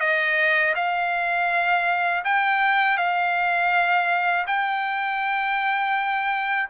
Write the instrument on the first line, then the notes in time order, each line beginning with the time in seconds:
trumpet
0.00 D#5
0.75 F5
2.25 G5
2.98 F5
4.47 G5